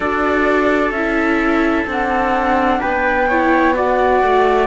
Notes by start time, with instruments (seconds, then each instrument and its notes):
0.00 cello D4, viola F#4, trumpet A4, flute D5
0.90 cello C#4, flute E5
0.96 viola E4
1.86 cello C4, viola D4, flute F#5
2.80 cello B3, trumpet B4, flute G5
3.28 viola E4, trumpet C#5
3.74 viola F#4, trumpet D5, flute F#5
4.22 cello A3